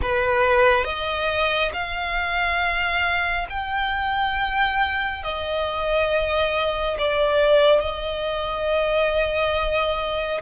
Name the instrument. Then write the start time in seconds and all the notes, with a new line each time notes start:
violin
0.02 B4
0.84 D#5
1.73 F5
3.49 G5
5.23 D#5
6.98 D5
7.80 D#5